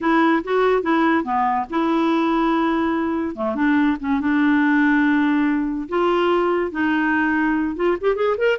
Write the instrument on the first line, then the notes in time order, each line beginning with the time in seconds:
clarinet
0.01 E4
0.43 F#4
0.82 E4
1.23 B3
1.69 E4
3.35 A3
3.55 D4
4.00 C#4
4.20 D4
5.88 F4
6.71 D#4
7.76 F4
8.00 G4
8.15 G#4
8.37 A#4